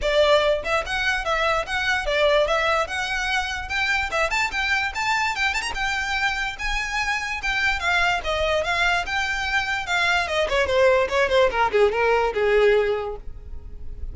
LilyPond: \new Staff \with { instrumentName = "violin" } { \time 4/4 \tempo 4 = 146 d''4. e''8 fis''4 e''4 | fis''4 d''4 e''4 fis''4~ | fis''4 g''4 e''8 a''8 g''4 | a''4 g''8 a''16 ais''16 g''2 |
gis''2 g''4 f''4 | dis''4 f''4 g''2 | f''4 dis''8 cis''8 c''4 cis''8 c''8 | ais'8 gis'8 ais'4 gis'2 | }